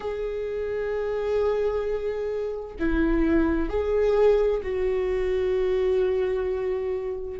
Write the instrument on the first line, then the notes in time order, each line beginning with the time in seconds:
viola
0.00 G#4
2.79 E4
3.69 G#4
4.62 F#4